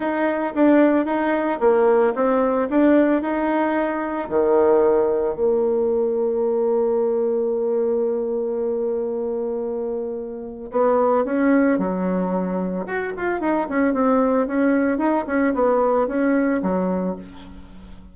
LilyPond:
\new Staff \with { instrumentName = "bassoon" } { \time 4/4 \tempo 4 = 112 dis'4 d'4 dis'4 ais4 | c'4 d'4 dis'2 | dis2 ais2~ | ais1~ |
ais1 | b4 cis'4 fis2 | fis'8 f'8 dis'8 cis'8 c'4 cis'4 | dis'8 cis'8 b4 cis'4 fis4 | }